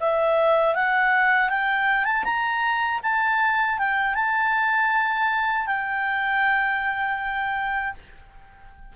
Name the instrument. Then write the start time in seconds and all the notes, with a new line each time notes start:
clarinet
0.00 E5
0.75 F#5
1.49 G5
2.04 A5
2.24 A#5
3.03 A5
3.78 G5
4.15 A5
5.67 G5